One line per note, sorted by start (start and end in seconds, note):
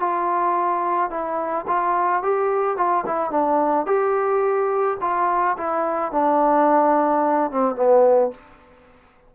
0.00 1.10 F4
1.10 1.66 E4
1.67 2.23 F4
2.23 2.77 G4
2.77 3.05 F4
3.06 3.31 E4
3.31 3.86 D4
3.86 4.97 G4
5.01 5.57 F4
5.58 6.12 E4
6.12 7.51 D4
7.51 7.76 C4
7.76 8.31 B3